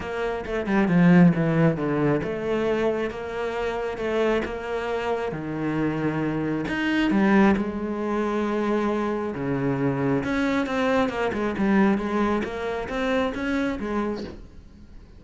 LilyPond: \new Staff \with { instrumentName = "cello" } { \time 4/4 \tempo 4 = 135 ais4 a8 g8 f4 e4 | d4 a2 ais4~ | ais4 a4 ais2 | dis2. dis'4 |
g4 gis2.~ | gis4 cis2 cis'4 | c'4 ais8 gis8 g4 gis4 | ais4 c'4 cis'4 gis4 | }